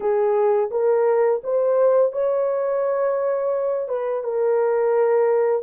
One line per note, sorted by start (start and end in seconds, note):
0.00 0.70 G#4
0.71 1.41 A#4
1.43 2.12 C5
2.12 3.88 C#5
3.88 4.23 B4
4.23 5.62 A#4